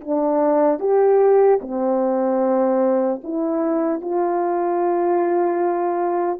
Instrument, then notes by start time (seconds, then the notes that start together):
horn
0.00 D4
0.79 G4
1.61 C4
3.23 E4
4.01 F4